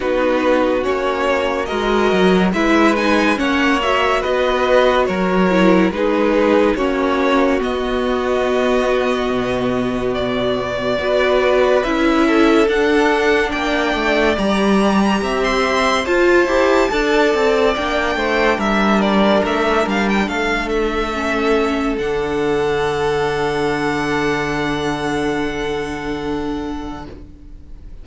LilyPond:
<<
  \new Staff \with { instrumentName = "violin" } { \time 4/4 \tempo 4 = 71 b'4 cis''4 dis''4 e''8 gis''8 | fis''8 e''8 dis''4 cis''4 b'4 | cis''4 dis''2. | d''2 e''4 fis''4 |
g''4 ais''4~ ais''16 c'''8. a''4~ | a''4 g''4 e''8 d''8 e''8 f''16 g''16 | f''8 e''4. fis''2~ | fis''1 | }
  \new Staff \with { instrumentName = "violin" } { \time 4/4 fis'2 ais'4 b'4 | cis''4 b'4 ais'4 gis'4 | fis'1~ | fis'4 b'4. a'4. |
d''2 e''4 c''4 | d''4. c''8 ais'2 | a'1~ | a'1 | }
  \new Staff \with { instrumentName = "viola" } { \time 4/4 dis'4 cis'4 fis'4 e'8 dis'8 | cis'8 fis'2 e'8 dis'4 | cis'4 b2.~ | b4 fis'4 e'4 d'4~ |
d'4 g'2 f'8 g'8 | a'4 d'2.~ | d'4 cis'4 d'2~ | d'1 | }
  \new Staff \with { instrumentName = "cello" } { \time 4/4 b4 ais4 gis8 fis8 gis4 | ais4 b4 fis4 gis4 | ais4 b2 b,4~ | b,4 b4 cis'4 d'4 |
ais8 a8 g4 c'4 f'8 e'8 | d'8 c'8 ais8 a8 g4 a8 g8 | a2 d2~ | d1 | }
>>